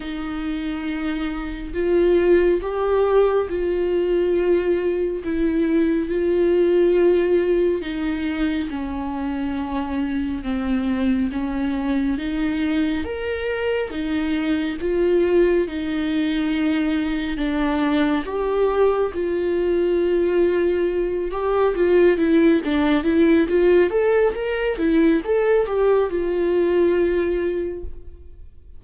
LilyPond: \new Staff \with { instrumentName = "viola" } { \time 4/4 \tempo 4 = 69 dis'2 f'4 g'4 | f'2 e'4 f'4~ | f'4 dis'4 cis'2 | c'4 cis'4 dis'4 ais'4 |
dis'4 f'4 dis'2 | d'4 g'4 f'2~ | f'8 g'8 f'8 e'8 d'8 e'8 f'8 a'8 | ais'8 e'8 a'8 g'8 f'2 | }